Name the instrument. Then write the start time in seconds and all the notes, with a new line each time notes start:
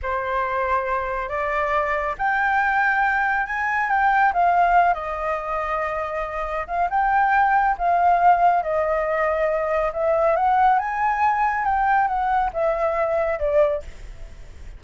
flute
0.02 C5
1.28 D5
2.17 G5
3.46 G#5
3.89 G5
4.33 F5
4.94 D#5
6.67 F5
6.90 G5
7.78 F5
8.62 D#5
9.92 E5
10.36 F#5
10.78 G#5
11.64 G5
12.07 F#5
12.53 E5
13.39 D5